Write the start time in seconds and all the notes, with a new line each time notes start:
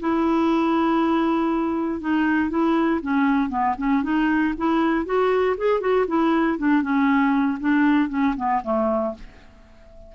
0.00 E4
2.01 D#4
2.50 E4
3.02 C#4
3.50 B3
3.78 C#4
4.03 D#4
4.58 E4
5.06 F#4
5.58 G#4
5.81 F#4
6.08 E4
6.58 D4
6.82 C#4
7.60 D4
8.09 C#4
8.37 B3
8.64 A3